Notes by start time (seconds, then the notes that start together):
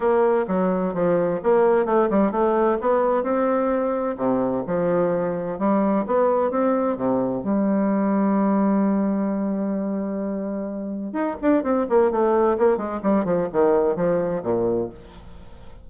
0.00 A#3
0.47 F#3
0.93 F3
1.43 A#3
1.85 A3
2.10 G3
2.31 A3
2.81 B3
3.23 C4
4.17 C3
4.66 F3
5.58 G3
6.06 B3
6.50 C4
6.96 C3
7.43 G3
11.12 D#4
11.41 D4
11.63 C4
11.89 A#3
12.11 A3
12.58 A#3
12.77 G#3
13.03 G3
13.25 F3
13.52 D#3
13.96 F3
14.42 A#2